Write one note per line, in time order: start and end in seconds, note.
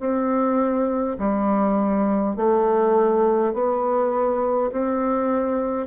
0.00 1.18 C4
1.19 2.36 G3
2.36 3.53 A3
3.53 4.71 B3
4.72 5.87 C4